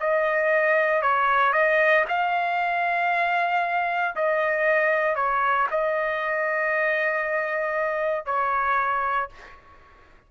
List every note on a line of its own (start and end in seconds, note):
0.00 1.02 D#5
1.02 1.53 C#5
1.53 2.05 D#5
2.08 4.15 F5
4.15 5.15 D#5
5.15 5.67 C#5
5.70 8.25 D#5
8.25 9.29 C#5